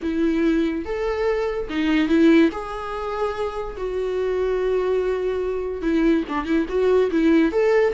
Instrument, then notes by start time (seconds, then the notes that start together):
viola
0.02 E4
0.85 A4
1.69 D#4
2.08 E4
2.51 G#4
3.77 F#4
5.82 E4
6.28 D4
6.45 E4
6.68 F#4
7.11 E4
7.52 A4